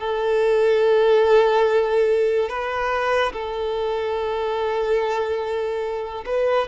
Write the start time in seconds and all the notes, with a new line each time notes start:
0.00 A4
2.49 B4
3.33 A4
6.26 B4